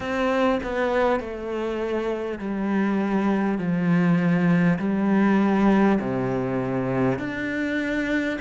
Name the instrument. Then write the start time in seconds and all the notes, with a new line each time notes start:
cello
0.00 C4
0.63 B3
1.20 A3
2.38 G3
3.58 F3
4.78 G3
6.00 C3
7.18 D4